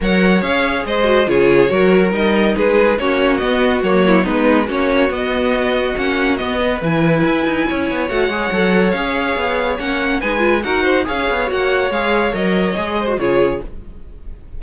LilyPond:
<<
  \new Staff \with { instrumentName = "violin" } { \time 4/4 \tempo 4 = 141 fis''4 f''4 dis''4 cis''4~ | cis''4 dis''4 b'4 cis''4 | dis''4 cis''4 b'4 cis''4 | dis''2 fis''4 dis''4 |
gis''2. fis''4~ | fis''4 f''2 fis''4 | gis''4 fis''4 f''4 fis''4 | f''4 dis''2 cis''4 | }
  \new Staff \with { instrumentName = "violin" } { \time 4/4 cis''2 c''4 gis'4 | ais'2 gis'4 fis'4~ | fis'4. e'8 dis'4 fis'4~ | fis'2.~ fis'8 b'8~ |
b'2 cis''2~ | cis''1 | b'4 ais'8 c''8 cis''2~ | cis''2~ cis''8 c''8 gis'4 | }
  \new Staff \with { instrumentName = "viola" } { \time 4/4 ais'4 gis'4. fis'8 f'4 | fis'4 dis'2 cis'4 | b4 ais4 b4 cis'4 | b2 cis'4 b4 |
e'2. fis'8 gis'8 | a'4 gis'2 cis'4 | dis'8 f'8 fis'4 gis'4 fis'4 | gis'4 ais'4 gis'8. fis'16 f'4 | }
  \new Staff \with { instrumentName = "cello" } { \time 4/4 fis4 cis'4 gis4 cis4 | fis4 g4 gis4 ais4 | b4 fis4 gis4 ais4 | b2 ais4 b4 |
e4 e'8 dis'8 cis'8 b8 a8 gis8 | fis4 cis'4 b4 ais4 | gis4 dis'4 cis'8 b8 ais4 | gis4 fis4 gis4 cis4 | }
>>